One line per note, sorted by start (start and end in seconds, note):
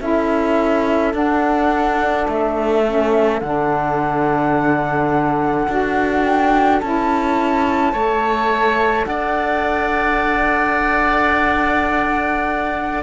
0.00 1.13 C#4
0.00 1.12 E4
0.00 7.92 A4
0.00 1.14 E5
1.12 2.82 D4
1.12 2.27 D4
1.12 2.28 F#5
2.28 3.41 A3
2.28 3.40 E5
2.85 3.42 C#4
3.40 5.67 D3
3.40 5.68 D4
3.40 6.23 F#5
5.68 6.81 D4
5.68 6.82 F#4
6.25 6.80 G5
6.80 7.93 C#4
6.80 7.94 E4
6.80 9.05 A5
7.92 9.06 A3
7.92 13.03 A4
7.92 9.05 C#5
9.05 13.03 D4
9.05 13.03 D5
9.05 13.01 F#5